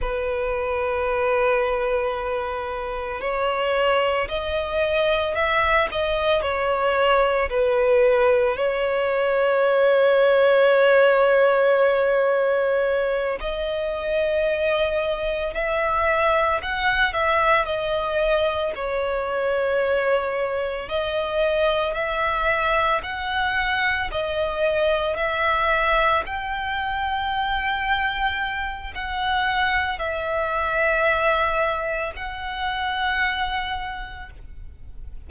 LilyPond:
\new Staff \with { instrumentName = "violin" } { \time 4/4 \tempo 4 = 56 b'2. cis''4 | dis''4 e''8 dis''8 cis''4 b'4 | cis''1~ | cis''8 dis''2 e''4 fis''8 |
e''8 dis''4 cis''2 dis''8~ | dis''8 e''4 fis''4 dis''4 e''8~ | e''8 g''2~ g''8 fis''4 | e''2 fis''2 | }